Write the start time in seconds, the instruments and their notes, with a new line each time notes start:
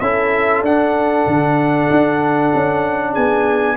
0.00 tuba C#4, trombone E4, horn A4, trumpet E5
0.62 tuba D4, trombone D4, trumpet F#5
1.27 tuba D3
1.90 tuba D4
2.54 tuba C#4
3.13 tuba B3, horn G#4, trumpet G#5